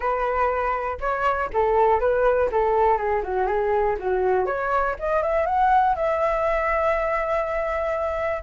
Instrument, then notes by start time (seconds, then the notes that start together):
flute
0.00 B4
1.00 C#5
1.53 A4
2.00 B4
2.51 A4
2.97 G#4
3.23 F#4
3.46 G#4
3.99 F#4
4.46 C#5
4.99 D#5
5.22 E5
5.46 F#5
5.95 E5